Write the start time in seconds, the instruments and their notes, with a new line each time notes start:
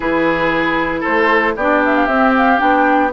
0.00 bassoon E3, clarinet E4, oboe G#4, flute B4
1.00 oboe A4, flute C5
1.07 bassoon A3
1.56 bassoon B3, clarinet D4, oboe G4, flute D5
1.84 flute E5
1.95 flute F5
2.06 bassoon C4, clarinet C4, flute E5
2.37 flute F5
2.57 bassoon B3, clarinet D4, flute G5